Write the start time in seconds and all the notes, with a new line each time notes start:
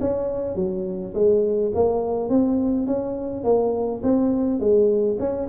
0.00 C#4
0.55 F#3
1.14 G#3
1.74 A#3
2.29 C4
2.86 C#4
3.44 A#3
4.03 C4
4.59 G#3
5.19 C#4